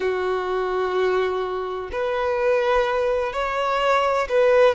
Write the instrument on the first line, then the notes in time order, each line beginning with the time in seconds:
violin
0.00 F#4
1.91 B4
3.32 C#5
4.29 B4